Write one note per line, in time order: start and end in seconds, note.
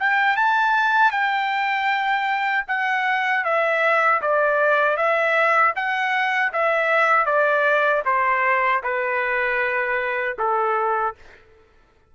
0.00 0.37 G5
0.37 1.12 A5
1.12 2.65 G5
2.68 3.45 F#5
3.45 4.22 E5
4.22 4.97 D5
4.97 5.74 E5
5.76 6.53 F#5
6.53 7.26 E5
7.26 8.03 D5
8.06 8.83 C5
8.84 10.37 B4
10.39 11.16 A4